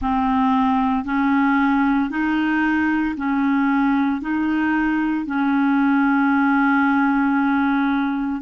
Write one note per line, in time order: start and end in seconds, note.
0.01 1.04 C4
1.04 2.10 C#4
2.10 3.15 D#4
3.16 4.21 C#4
4.21 5.25 D#4
5.25 8.41 C#4